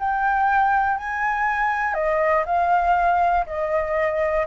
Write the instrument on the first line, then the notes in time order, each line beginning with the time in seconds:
flute
0.00 G5
0.98 G#5
1.94 D#5
2.46 F5
3.47 D#5